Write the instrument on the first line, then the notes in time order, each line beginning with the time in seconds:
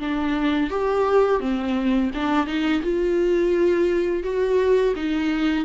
viola
0.00 D4
0.71 G4
1.41 C4
2.15 D4
2.47 D#4
2.83 F4
4.24 F#4
4.97 D#4